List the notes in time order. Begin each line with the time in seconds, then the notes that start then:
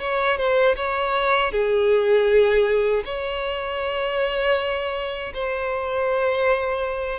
0.00 C#5
0.37 C5
0.76 C#5
1.52 G#4
3.05 C#5
5.34 C5